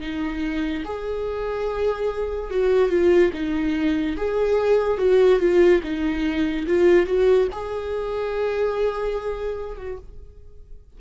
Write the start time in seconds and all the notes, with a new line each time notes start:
0.00 D#4
0.84 G#4
2.50 F#4
2.89 F4
3.33 D#4
4.17 G#4
4.98 F#4
5.39 F4
5.83 D#4
6.67 F4
7.06 F#4
7.52 G#4
9.77 F#4